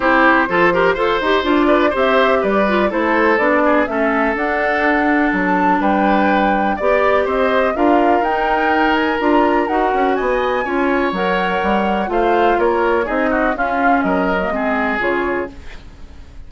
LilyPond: <<
  \new Staff \with { instrumentName = "flute" } { \time 4/4 \tempo 4 = 124 c''2. d''4 | e''4 d''4 c''4 d''4 | e''4 fis''2 a''4 | g''2 d''4 dis''4 |
f''4 g''4. gis''8 ais''4 | fis''4 gis''2 fis''4~ | fis''4 f''4 cis''4 dis''4 | f''4 dis''2 cis''4 | }
  \new Staff \with { instrumentName = "oboe" } { \time 4/4 g'4 a'8 ais'8 c''4. b'8 | c''4 b'4 a'4. gis'8 | a'1 | b'2 d''4 c''4 |
ais'1~ | ais'4 dis''4 cis''2~ | cis''4 c''4 ais'4 gis'8 fis'8 | f'4 ais'4 gis'2 | }
  \new Staff \with { instrumentName = "clarinet" } { \time 4/4 e'4 f'8 g'8 a'8 g'8 f'4 | g'4. f'8 e'4 d'4 | cis'4 d'2.~ | d'2 g'2 |
f'4 dis'2 f'4 | fis'2 f'4 ais'4~ | ais'4 f'2 dis'4 | cis'4.~ cis'16 ais16 c'4 f'4 | }
  \new Staff \with { instrumentName = "bassoon" } { \time 4/4 c'4 f4 f'8 dis'8 d'4 | c'4 g4 a4 b4 | a4 d'2 fis4 | g2 b4 c'4 |
d'4 dis'2 d'4 | dis'8 cis'8 b4 cis'4 fis4 | g4 a4 ais4 c'4 | cis'4 fis4 gis4 cis4 | }
>>